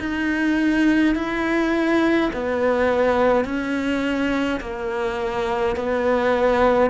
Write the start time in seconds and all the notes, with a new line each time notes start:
0.00 D#4
1.15 E4
2.33 B3
3.45 C#4
4.60 A#3
5.76 B3